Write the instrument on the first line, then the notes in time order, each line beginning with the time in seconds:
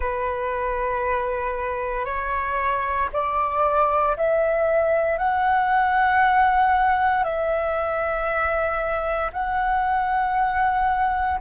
flute
0.00 B4
2.05 C#5
3.13 D5
4.17 E5
5.17 F#5
7.24 E5
9.32 F#5